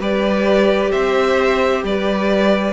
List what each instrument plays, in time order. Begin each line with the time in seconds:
0.00 cello G3, viola G4, violin B4 D5
0.91 cello C4, violin C5 E5
1.84 cello G3, violin B4 D5